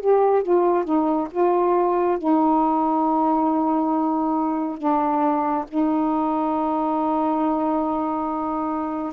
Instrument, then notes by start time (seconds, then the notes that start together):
saxophone
0.00 G4
0.43 F4
0.85 D#4
1.31 F4
2.18 D#4
4.78 D4
5.68 D#4